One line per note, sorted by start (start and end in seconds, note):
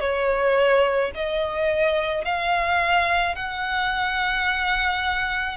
0.00 1.11 C#5
1.15 2.24 D#5
2.24 3.35 F5
3.35 5.57 F#5